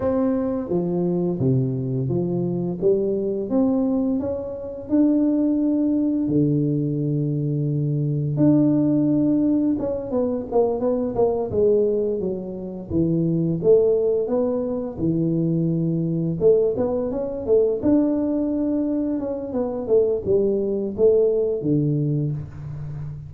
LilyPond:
\new Staff \with { instrumentName = "tuba" } { \time 4/4 \tempo 4 = 86 c'4 f4 c4 f4 | g4 c'4 cis'4 d'4~ | d'4 d2. | d'2 cis'8 b8 ais8 b8 |
ais8 gis4 fis4 e4 a8~ | a8 b4 e2 a8 | b8 cis'8 a8 d'2 cis'8 | b8 a8 g4 a4 d4 | }